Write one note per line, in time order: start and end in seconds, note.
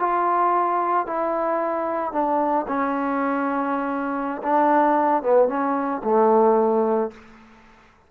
0.00 1.07 F4
1.07 2.13 E4
2.13 2.66 D4
2.68 4.42 C#4
4.43 5.23 D4
5.23 5.49 B3
5.49 6.02 C#4
6.04 7.12 A3